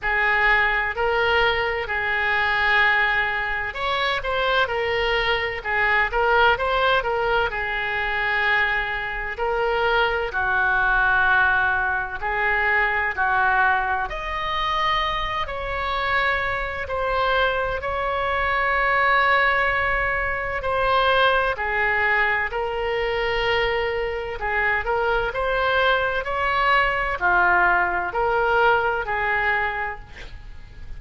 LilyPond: \new Staff \with { instrumentName = "oboe" } { \time 4/4 \tempo 4 = 64 gis'4 ais'4 gis'2 | cis''8 c''8 ais'4 gis'8 ais'8 c''8 ais'8 | gis'2 ais'4 fis'4~ | fis'4 gis'4 fis'4 dis''4~ |
dis''8 cis''4. c''4 cis''4~ | cis''2 c''4 gis'4 | ais'2 gis'8 ais'8 c''4 | cis''4 f'4 ais'4 gis'4 | }